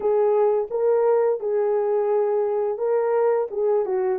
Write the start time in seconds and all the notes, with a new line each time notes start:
0.00 G#4
0.70 A#4
1.40 G#4
2.77 A#4
3.50 G#4
3.85 F#4